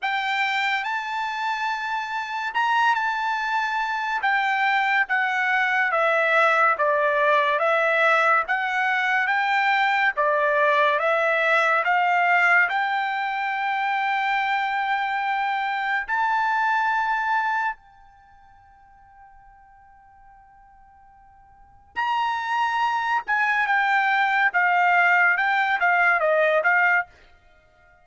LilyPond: \new Staff \with { instrumentName = "trumpet" } { \time 4/4 \tempo 4 = 71 g''4 a''2 ais''8 a''8~ | a''4 g''4 fis''4 e''4 | d''4 e''4 fis''4 g''4 | d''4 e''4 f''4 g''4~ |
g''2. a''4~ | a''4 g''2.~ | g''2 ais''4. gis''8 | g''4 f''4 g''8 f''8 dis''8 f''8 | }